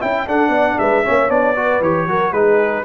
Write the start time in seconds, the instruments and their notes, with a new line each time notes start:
0.00 tuba C#4, trombone E4, horn E5, trumpet G5
0.27 tuba D4, trombone D4, horn A4, trumpet F#5
0.49 tuba B3, horn D5
0.79 tuba G#3, horn B4, trumpet E5
1.05 tuba A#3, trombone C#4, horn C#5
1.29 tuba B3, trombone D4, trumpet D5
1.56 trombone F#4, horn B4
1.81 tuba E3, trombone G4, trumpet C#5
2.07 tuba F#3, trombone F#4, horn A#4
2.32 tuba G#3, trombone D#4, horn G#4, trumpet B4